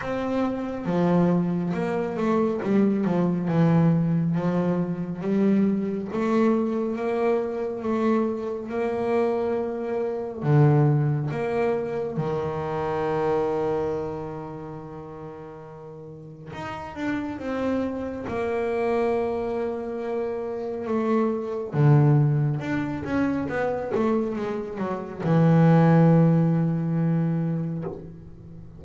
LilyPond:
\new Staff \with { instrumentName = "double bass" } { \time 4/4 \tempo 4 = 69 c'4 f4 ais8 a8 g8 f8 | e4 f4 g4 a4 | ais4 a4 ais2 | d4 ais4 dis2~ |
dis2. dis'8 d'8 | c'4 ais2. | a4 d4 d'8 cis'8 b8 a8 | gis8 fis8 e2. | }